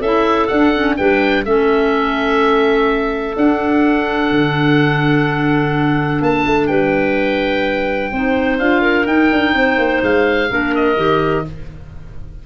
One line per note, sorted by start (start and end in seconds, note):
0.00 0.48 C#4
0.00 0.49 E4
0.00 0.95 A4
0.00 0.47 E5
0.47 0.73 D4
0.47 0.98 D4
0.47 0.95 F#5
0.74 0.98 C#4
0.97 1.45 G3
0.97 1.45 D4
0.97 1.44 B4
0.97 1.44 G5
1.45 3.35 A3
1.45 3.35 C#4
1.45 6.68 A4
1.45 3.35 E5
3.35 8.11 D4
3.35 4.31 D4
3.35 6.22 F#5
4.31 6.21 D3
6.21 6.45 A#3
6.21 6.67 A5
6.45 6.68 A3
6.67 8.11 G3
6.67 8.11 B4
6.67 8.57 G5
8.11 8.59 C4
8.11 8.60 D#4
8.11 8.81 C5
8.59 9.06 D4
8.59 9.05 F4
8.59 9.06 F5
8.81 9.53 A#4
9.05 10.47 D#4
9.05 9.30 D#4
9.05 10.01 G5
9.32 9.54 D4
9.54 9.77 C4
9.54 10.50 C5
9.77 10.01 A#3
10.02 10.50 G#3
10.02 10.75 F5
10.50 10.96 A#3
10.50 10.96 D4
10.50 11.45 A#4
10.75 11.46 D#5
10.96 11.44 D#3
10.96 11.44 G4